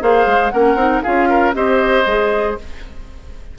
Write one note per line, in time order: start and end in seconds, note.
0.00 0.26 A#3
0.00 0.51 G#4
0.00 0.52 C5
0.00 0.50 F5
0.26 0.51 G#3
0.50 0.74 A#3
0.50 0.77 C#4
0.50 1.02 A#4
0.50 1.01 F#5
0.74 1.00 C4
0.74 1.03 D#4
1.02 1.54 C#4
1.02 1.53 F4
1.02 1.28 G#4
1.02 1.54 F5
1.29 1.54 A#4
1.53 2.05 C4
1.53 2.05 G4
1.53 2.58 C5
1.53 2.56 D#5
2.05 2.56 G#3
2.05 2.58 G#4